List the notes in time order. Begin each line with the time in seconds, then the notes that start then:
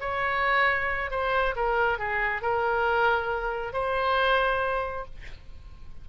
0.00 C#5
1.10 C5
1.55 A#4
1.98 G#4
2.42 A#4
3.73 C5